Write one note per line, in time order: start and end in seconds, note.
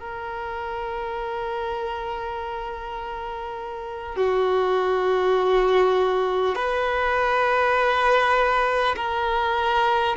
0.00 4.17 A#4
4.17 6.56 F#4
6.56 8.96 B4
8.97 10.17 A#4